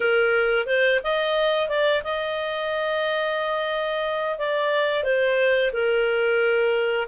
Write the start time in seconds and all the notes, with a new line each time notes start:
0.00 A#4
0.66 C5
1.03 D#5
1.69 D5
2.03 D#5
4.38 D5
5.03 C5
5.72 A#4